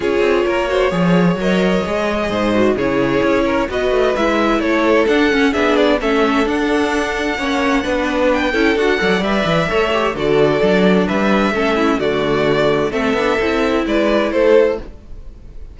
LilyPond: <<
  \new Staff \with { instrumentName = "violin" } { \time 4/4 \tempo 4 = 130 cis''2. dis''4~ | dis''2 cis''2 | dis''4 e''4 cis''4 fis''4 | e''8 d''8 e''4 fis''2~ |
fis''2 g''4 fis''4 | e''2 d''2 | e''2 d''2 | e''2 d''4 c''4 | }
  \new Staff \with { instrumentName = "violin" } { \time 4/4 gis'4 ais'8 c''8 cis''2~ | cis''4 c''4 gis'4. ais'8 | b'2 a'2 | gis'4 a'2. |
cis''4 b'4. a'4 d''8~ | d''4 cis''4 a'2 | b'4 a'8 e'8 fis'2 | a'2 b'4 a'4 | }
  \new Staff \with { instrumentName = "viola" } { \time 4/4 f'4. fis'8 gis'4 ais'4 | gis'4. fis'8 e'2 | fis'4 e'2 d'8 cis'8 | d'4 cis'4 d'2 |
cis'4 d'4. e'8 fis'8 a'8 | b'4 a'8 g'8 fis'4 d'4~ | d'4 cis'4 a2 | c'8 d'8 e'2. | }
  \new Staff \with { instrumentName = "cello" } { \time 4/4 cis'8 c'8 ais4 f4 fis4 | gis4 gis,4 cis4 cis'4 | b8 a8 gis4 a4 d'8 cis'8 | b4 a4 d'2 |
ais4 b4. cis'8 d'8 fis8 | g8 e8 a4 d4 fis4 | g4 a4 d2 | a8 b8 c'4 gis4 a4 | }
>>